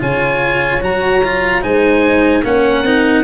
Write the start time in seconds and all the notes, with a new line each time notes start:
0.00 C#3 F4 C#5 G#5
0.81 F#3 F#4 A#5
1.24 F4
1.62 G#3 D#4 C5 G#5
2.44 A#3 C#4 A#4 F#5
2.84 C4 D#4